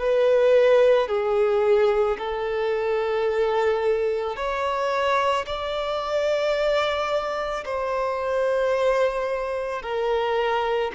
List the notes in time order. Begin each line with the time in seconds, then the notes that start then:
0.00 B4
1.09 G#4
2.19 A4
4.37 C#5
5.46 D5
7.66 C5
9.83 A#4